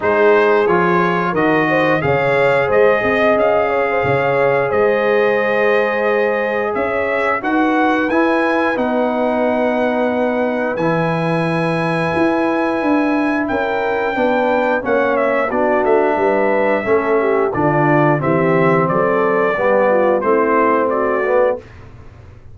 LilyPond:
<<
  \new Staff \with { instrumentName = "trumpet" } { \time 4/4 \tempo 4 = 89 c''4 cis''4 dis''4 f''4 | dis''4 f''2 dis''4~ | dis''2 e''4 fis''4 | gis''4 fis''2. |
gis''1 | g''2 fis''8 e''8 d''8 e''8~ | e''2 d''4 e''4 | d''2 c''4 d''4 | }
  \new Staff \with { instrumentName = "horn" } { \time 4/4 gis'2 ais'8 c''8 cis''4 | c''8 dis''4 cis''16 c''16 cis''4 c''4~ | c''2 cis''4 b'4~ | b'1~ |
b'1 | ais'4 b'4 cis''4 fis'4 | b'4 a'8 g'8 f'4 g'4 | a'4 g'8 f'8 e'4 fis'4 | }
  \new Staff \with { instrumentName = "trombone" } { \time 4/4 dis'4 f'4 fis'4 gis'4~ | gis'1~ | gis'2. fis'4 | e'4 dis'2. |
e'1~ | e'4 d'4 cis'4 d'4~ | d'4 cis'4 d'4 c'4~ | c'4 b4 c'4. b8 | }
  \new Staff \with { instrumentName = "tuba" } { \time 4/4 gis4 f4 dis4 cis4 | gis8 c'8 cis'4 cis4 gis4~ | gis2 cis'4 dis'4 | e'4 b2. |
e2 e'4 d'4 | cis'4 b4 ais4 b8 a8 | g4 a4 d4 e4 | fis4 g4 a2 | }
>>